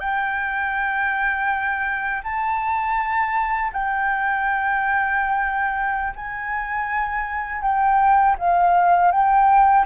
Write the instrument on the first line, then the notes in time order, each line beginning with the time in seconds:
flute
0.00 G5
2.24 A5
3.73 G5
6.16 G#5
7.62 G5
8.38 F5
9.12 G5